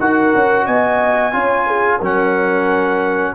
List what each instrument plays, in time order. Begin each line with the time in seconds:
0.00 tuba D#4, trombone F#4, horn A#4, trumpet F#5
0.35 tuba C#4
0.66 tuba B3, horn D#5, trumpet G#5
1.33 tuba C#4, trombone F4, horn C#5
1.68 horn G#4
1.98 tuba F#3, trombone C#4, horn A#4
2.05 trumpet F#5